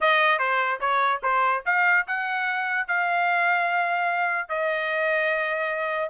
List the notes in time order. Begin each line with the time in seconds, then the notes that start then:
0.01 D#5
0.38 C5
0.80 C#5
1.22 C5
1.65 F5
2.07 F#5
2.87 F5
4.48 D#5